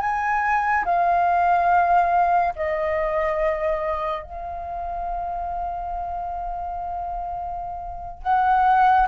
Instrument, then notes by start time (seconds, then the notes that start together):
flute
0.00 G#5
0.85 F5
2.56 D#5
4.23 F5
8.22 F#5